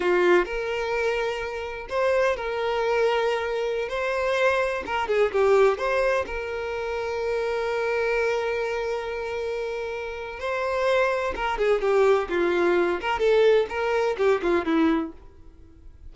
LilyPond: \new Staff \with { instrumentName = "violin" } { \time 4/4 \tempo 4 = 127 f'4 ais'2. | c''4 ais'2.~ | ais'16 c''2 ais'8 gis'8 g'8.~ | g'16 c''4 ais'2~ ais'8.~ |
ais'1~ | ais'2 c''2 | ais'8 gis'8 g'4 f'4. ais'8 | a'4 ais'4 g'8 f'8 e'4 | }